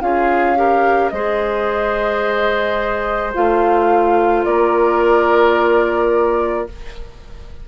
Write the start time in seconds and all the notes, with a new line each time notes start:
0.00 C#4 F4 G#4 F5
0.55 G4 A#4
1.09 G#3 G#4 C5 D#5
3.34 A3 F4 F5
4.44 A#3 A#4 D5